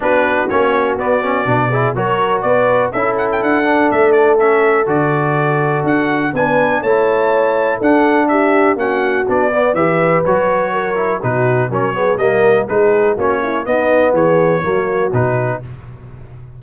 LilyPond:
<<
  \new Staff \with { instrumentName = "trumpet" } { \time 4/4 \tempo 4 = 123 b'4 cis''4 d''2 | cis''4 d''4 e''8 fis''16 g''16 fis''4 | e''8 d''8 e''4 d''2 | fis''4 gis''4 a''2 |
fis''4 e''4 fis''4 d''4 | e''4 cis''2 b'4 | cis''4 dis''4 b'4 cis''4 | dis''4 cis''2 b'4 | }
  \new Staff \with { instrumentName = "horn" } { \time 4/4 fis'2.~ fis'8 gis'8 | ais'4 b'4 a'2~ | a'1~ | a'4 b'4 cis''2 |
a'4 g'4 fis'4. d''8 | b'2 ais'4 fis'4 | ais'8 gis'8 ais'4 gis'4 fis'8 e'8 | dis'4 gis'4 fis'2 | }
  \new Staff \with { instrumentName = "trombone" } { \time 4/4 d'4 cis'4 b8 cis'8 d'8 e'8 | fis'2 e'4. d'8~ | d'4 cis'4 fis'2~ | fis'4 d'4 e'2 |
d'2 cis'4 d'8 b8 | g'4 fis'4. e'8 dis'4 | cis'8 b8 ais4 dis'4 cis'4 | b2 ais4 dis'4 | }
  \new Staff \with { instrumentName = "tuba" } { \time 4/4 b4 ais4 b4 b,4 | fis4 b4 cis'4 d'4 | a2 d2 | d'4 b4 a2 |
d'2 ais4 b4 | e4 fis2 b,4 | fis4 g4 gis4 ais4 | b4 e4 fis4 b,4 | }
>>